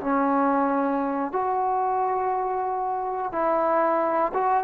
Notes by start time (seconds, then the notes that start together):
0.00 C#4
1.32 F#4
3.32 E4
4.34 F#4